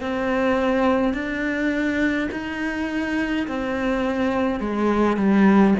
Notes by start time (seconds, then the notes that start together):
0.00 C4
1.13 D4
2.31 D#4
3.47 C4
4.60 G#3
5.16 G3